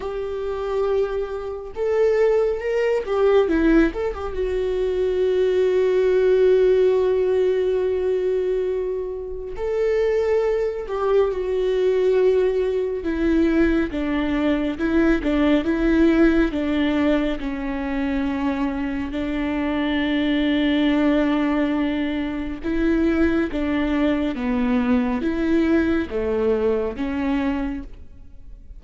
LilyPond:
\new Staff \with { instrumentName = "viola" } { \time 4/4 \tempo 4 = 69 g'2 a'4 ais'8 g'8 | e'8 a'16 g'16 fis'2.~ | fis'2. a'4~ | a'8 g'8 fis'2 e'4 |
d'4 e'8 d'8 e'4 d'4 | cis'2 d'2~ | d'2 e'4 d'4 | b4 e'4 a4 cis'4 | }